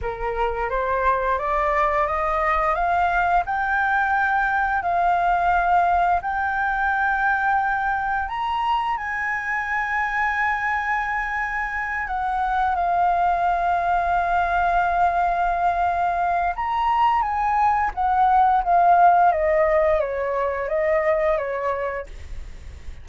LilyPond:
\new Staff \with { instrumentName = "flute" } { \time 4/4 \tempo 4 = 87 ais'4 c''4 d''4 dis''4 | f''4 g''2 f''4~ | f''4 g''2. | ais''4 gis''2.~ |
gis''4. fis''4 f''4.~ | f''1 | ais''4 gis''4 fis''4 f''4 | dis''4 cis''4 dis''4 cis''4 | }